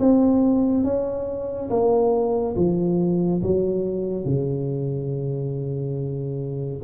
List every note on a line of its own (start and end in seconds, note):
0.00 0.84 C4
0.84 1.70 C#4
1.70 2.56 A#3
2.56 3.42 F3
3.42 4.25 F#3
4.25 6.82 C#3